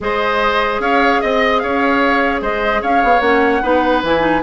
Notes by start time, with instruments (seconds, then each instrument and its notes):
0.00 bassoon G#3, clarinet G#4, oboe C5, flute D#5
0.79 bassoon C#4, oboe C#5, flute F5
1.20 bassoon C4, flute D#5, oboe D#5
1.59 bassoon C#4, oboe C#5, flute F5
2.41 bassoon G#3, oboe C5, flute D#5
2.81 bassoon C#4, oboe C#5, flute F5
3.03 bassoon B3
3.20 bassoon A#3, clarinet C#4, flute F#5
3.62 bassoon B3, clarinet D#4, oboe B4
4.03 bassoon E3, clarinet E4, flute G#5
4.19 clarinet D#4